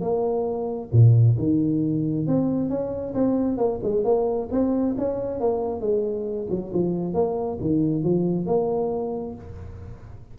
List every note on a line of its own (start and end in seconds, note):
0.00 0.89 A#3
0.92 1.36 A#2
1.38 2.26 D#3
2.26 2.69 C4
2.69 3.14 C#4
3.14 3.57 C4
3.57 3.79 A#3
3.82 4.04 G#3
4.04 4.48 A#3
4.51 4.96 C4
4.97 5.40 C#4
5.40 5.80 A#3
5.80 6.47 G#3
6.49 6.72 F#3
6.73 7.13 F3
7.13 7.58 A#3
7.60 8.03 D#3
8.03 8.46 F3
8.46 9.35 A#3